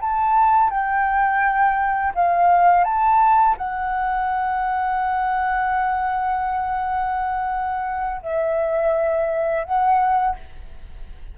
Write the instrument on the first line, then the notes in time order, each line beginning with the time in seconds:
flute
0.00 A5
0.70 G5
2.14 F5
2.84 A5
3.57 F#5
8.22 E5
9.64 F#5